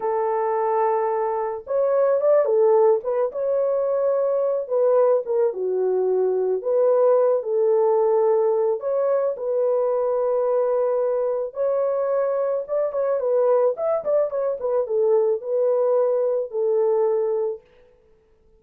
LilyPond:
\new Staff \with { instrumentName = "horn" } { \time 4/4 \tempo 4 = 109 a'2. cis''4 | d''8 a'4 b'8 cis''2~ | cis''8 b'4 ais'8 fis'2 | b'4. a'2~ a'8 |
cis''4 b'2.~ | b'4 cis''2 d''8 cis''8 | b'4 e''8 d''8 cis''8 b'8 a'4 | b'2 a'2 | }